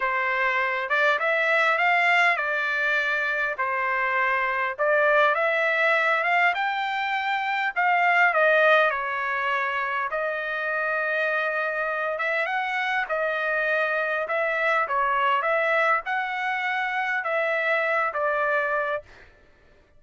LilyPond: \new Staff \with { instrumentName = "trumpet" } { \time 4/4 \tempo 4 = 101 c''4. d''8 e''4 f''4 | d''2 c''2 | d''4 e''4. f''8 g''4~ | g''4 f''4 dis''4 cis''4~ |
cis''4 dis''2.~ | dis''8 e''8 fis''4 dis''2 | e''4 cis''4 e''4 fis''4~ | fis''4 e''4. d''4. | }